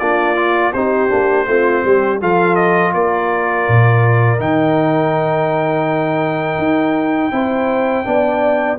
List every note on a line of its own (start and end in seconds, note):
0.00 0.74 A#3
0.00 0.36 D4
0.00 0.73 F4
0.00 0.73 D5
0.36 0.73 F4
0.74 1.11 C4
0.74 1.09 D#4
0.74 1.48 G4
0.74 2.20 C5
1.09 1.47 A#3
1.09 1.46 D4
1.47 1.84 A3
1.47 2.21 C4
1.47 1.85 F4
1.85 2.22 G3
1.85 2.21 G4
2.21 2.95 F3
2.21 4.39 F4
2.21 2.94 A4
2.21 2.56 F5
2.56 2.92 D#5
2.94 3.68 A#3
2.94 7.34 A#4
2.94 4.41 D5
3.68 4.40 A#2
4.39 6.58 D#3
4.39 7.32 D#4
4.39 8.80 G5
6.58 7.31 D#4
7.32 8.05 C4
7.32 8.05 E4
7.32 8.07 C5
8.05 8.80 B3
8.05 8.78 D4
8.05 8.80 D5